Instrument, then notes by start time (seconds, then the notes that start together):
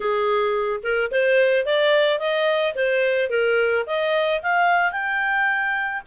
clarinet
0.00 G#4
0.83 A#4
1.11 C5
1.65 D5
2.19 D#5
2.75 C5
3.29 A#4
3.86 D#5
4.42 F5
4.92 G5